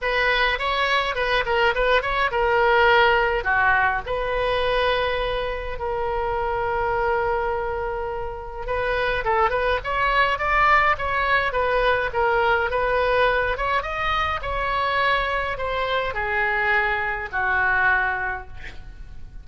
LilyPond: \new Staff \with { instrumentName = "oboe" } { \time 4/4 \tempo 4 = 104 b'4 cis''4 b'8 ais'8 b'8 cis''8 | ais'2 fis'4 b'4~ | b'2 ais'2~ | ais'2. b'4 |
a'8 b'8 cis''4 d''4 cis''4 | b'4 ais'4 b'4. cis''8 | dis''4 cis''2 c''4 | gis'2 fis'2 | }